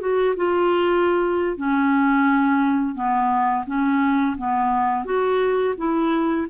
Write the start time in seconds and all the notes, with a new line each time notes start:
0.00 F#4
0.36 F4
1.57 C#4
2.95 B3
3.67 C#4
4.38 B3
5.05 F#4
5.77 E4